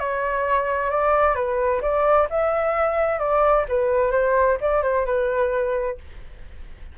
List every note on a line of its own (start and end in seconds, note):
0.00 0.91 C#5
0.91 1.36 D5
1.36 1.82 B4
1.82 2.28 D5
2.31 3.20 E5
3.20 3.66 D5
3.69 4.12 B4
4.12 4.58 C5
4.61 4.83 D5
4.83 5.06 C5
5.06 5.98 B4